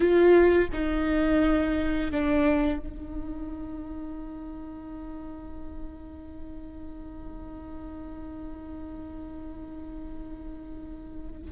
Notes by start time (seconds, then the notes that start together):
0.00 F4
0.72 D#4
2.11 D4
2.78 D#4